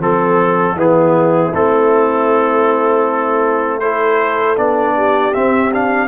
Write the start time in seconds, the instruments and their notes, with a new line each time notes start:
0.00 tuba F3, trombone C4, trumpet A4, horn A4
0.75 tuba E3, trombone B3, horn E4, trumpet G#4
1.53 tuba A3, trombone C4, trumpet A4
3.80 trombone E4, horn A4, trumpet C5
4.56 tuba B3, trombone D4, trumpet D5
4.96 horn G4
5.33 trombone C4, tuba C4, trumpet E5
5.72 trombone D4, trumpet F5